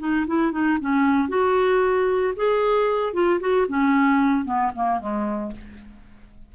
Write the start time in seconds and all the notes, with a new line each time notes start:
0.00 D#4
0.27 E4
0.52 D#4
0.81 C#4
1.29 F#4
2.37 G#4
3.14 F4
3.41 F#4
3.69 C#4
4.46 B3
4.76 A#3
5.00 G#3